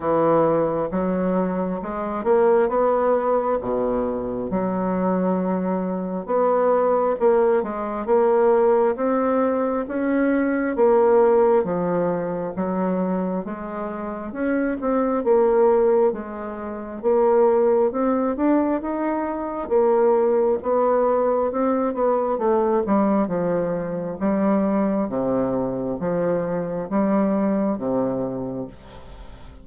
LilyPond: \new Staff \with { instrumentName = "bassoon" } { \time 4/4 \tempo 4 = 67 e4 fis4 gis8 ais8 b4 | b,4 fis2 b4 | ais8 gis8 ais4 c'4 cis'4 | ais4 f4 fis4 gis4 |
cis'8 c'8 ais4 gis4 ais4 | c'8 d'8 dis'4 ais4 b4 | c'8 b8 a8 g8 f4 g4 | c4 f4 g4 c4 | }